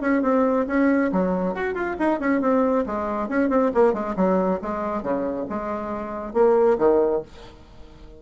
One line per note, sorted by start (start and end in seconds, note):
0.00 0.22 C#4
0.22 0.65 C4
0.67 1.10 C#4
1.12 1.54 F#3
1.54 1.74 F#4
1.74 1.96 F4
1.98 2.19 D#4
2.19 2.41 C#4
2.41 2.84 C4
2.86 3.28 G#3
3.28 3.49 C#4
3.49 3.71 C4
3.74 3.93 A#3
3.93 4.15 G#3
4.16 4.60 F#3
4.61 5.02 G#3
5.02 5.46 C#3
5.49 6.33 G#3
6.33 6.77 A#3
6.78 7.22 D#3